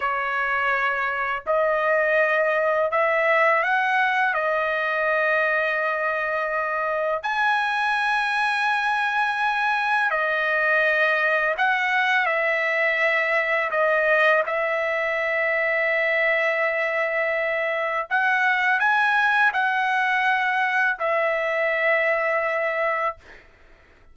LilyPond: \new Staff \with { instrumentName = "trumpet" } { \time 4/4 \tempo 4 = 83 cis''2 dis''2 | e''4 fis''4 dis''2~ | dis''2 gis''2~ | gis''2 dis''2 |
fis''4 e''2 dis''4 | e''1~ | e''4 fis''4 gis''4 fis''4~ | fis''4 e''2. | }